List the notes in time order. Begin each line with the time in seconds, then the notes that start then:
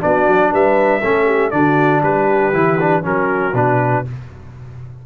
0.00 B3 D4 F#4 D5
0.27 F#3
0.52 G3 B4 E5
1.00 A3 C#4 A4
1.25 G4
1.51 D3 D4 F#4 D5
2.02 G3 G4 B4
2.53 E3 E4
2.80 D4
3.02 F#3 C#4 F#4 A#4
3.53 B2 D4 B4